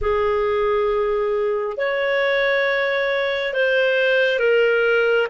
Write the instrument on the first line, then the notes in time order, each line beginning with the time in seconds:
clarinet
0.01 G#4
1.77 C#5
3.53 C5
4.39 A#4